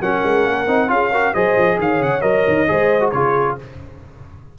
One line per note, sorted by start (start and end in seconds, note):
0.00 0.22 F#3
0.00 0.67 C#4
0.00 0.90 A#4
0.00 0.89 F#5
0.23 0.45 G#3
0.45 0.67 A#3
0.67 0.89 C4
0.67 0.87 D#4
0.87 1.34 C#4
0.87 1.10 F4
0.87 1.11 G#4
0.87 1.34 F5
1.11 1.34 F#4
1.11 1.33 A#4
1.33 1.57 F#3
1.33 2.21 G#4
1.33 1.78 C5
1.33 1.78 D#5
1.57 1.78 F3
1.78 2.00 D#3
1.78 2.70 C#5
1.78 2.02 F5
2.00 2.22 C#3
2.00 2.21 F#5
2.21 2.45 F#3
2.21 2.66 A#4
2.21 3.10 D#5
2.47 2.69 D#3
2.67 3.13 G#3
2.67 3.00 G#4
2.67 3.14 C5
3.00 3.11 F#4
3.10 3.57 C#3
3.10 3.58 F4
3.10 3.58 G#4
3.10 3.55 C#5